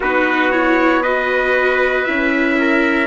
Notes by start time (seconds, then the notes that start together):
0.00 B3 D#4 F#4 B4
0.51 E4 C#5
1.02 F#4 B4 D#5
2.04 C#4 E4 E5
2.58 A#4